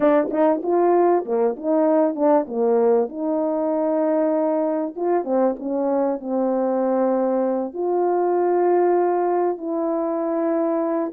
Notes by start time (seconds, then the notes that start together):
0.00 D4
0.30 D#4
0.62 F4
1.25 A#3
1.56 D#4
2.15 D4
2.47 A#3
3.08 D#4
4.96 F4
5.24 C4
5.59 C#4
6.20 C4
7.73 F4
9.57 E4